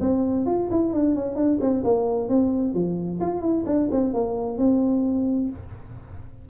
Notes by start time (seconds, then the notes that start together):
0.00 C4
0.46 F4
0.71 E4
0.93 D4
1.15 C#4
1.35 D4
1.61 C4
1.84 A#3
2.28 C4
2.74 F3
3.20 F4
3.41 E4
3.66 D4
3.91 C4
4.13 A#3
4.58 C4